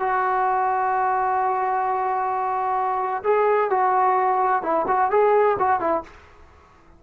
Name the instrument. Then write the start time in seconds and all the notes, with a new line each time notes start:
trombone
0.00 F#4
3.24 G#4
3.70 F#4
4.63 E4
4.88 F#4
5.11 G#4
5.59 F#4
5.80 E4